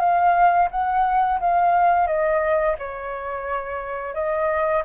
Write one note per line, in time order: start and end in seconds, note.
0.00 0.69 F5
0.71 1.40 F#5
1.40 2.07 F5
2.07 2.76 D#5
2.79 4.14 C#5
4.14 4.83 D#5